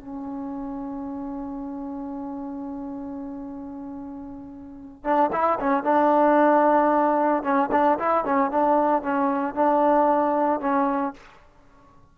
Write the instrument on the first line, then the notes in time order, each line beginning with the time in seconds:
trombone
0.00 C#4
5.04 D4
5.32 E4
5.60 C#4
5.84 D4
7.43 C#4
7.72 D4
7.99 E4
8.25 C#4
8.51 D4
9.03 C#4
9.55 D4
10.61 C#4